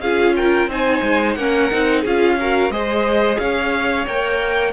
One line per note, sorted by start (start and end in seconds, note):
0.00 0.67 C#4
0.00 0.70 F4
0.00 0.35 G#4
0.00 0.35 F5
0.36 0.70 A#4
0.36 0.70 G5
0.67 1.00 C4
0.67 1.37 D#4
0.67 1.37 C5
0.67 1.34 G#5
1.02 1.36 G#3
1.34 1.70 A#3
1.34 1.71 C#4
1.34 2.01 A#4
1.34 2.01 F#5
1.71 2.04 C4
1.71 2.05 D#4
2.01 2.70 C#4
2.01 2.39 F4
2.01 2.35 G#4
2.01 2.71 F5
2.40 2.71 F#4
2.40 2.72 A#4
2.70 3.37 G#3
2.70 4.06 G#4
2.70 3.39 C5
2.70 3.39 D#5
3.39 4.07 C#4
3.39 4.72 C#5
3.39 4.06 F5
4.07 4.72 A#3
4.07 4.72 A#4
4.07 4.72 G5